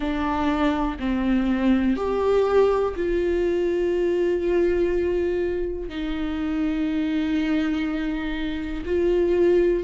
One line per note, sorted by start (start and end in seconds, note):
0.00 0.97 D4
0.99 1.96 C4
1.96 2.95 G4
2.96 5.88 F4
5.88 8.83 D#4
8.85 9.83 F4